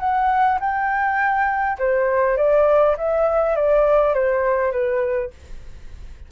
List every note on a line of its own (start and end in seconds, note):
0.00 0.59 F#5
0.60 1.78 G5
1.79 2.37 C5
2.37 2.96 D5
2.98 3.56 E5
3.56 4.15 D5
4.15 4.72 C5
4.72 5.31 B4